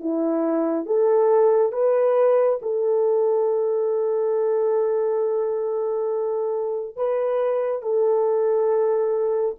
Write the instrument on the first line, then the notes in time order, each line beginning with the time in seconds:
horn
0.00 E4
0.86 A4
1.72 B4
2.62 A4
6.96 B4
7.82 A4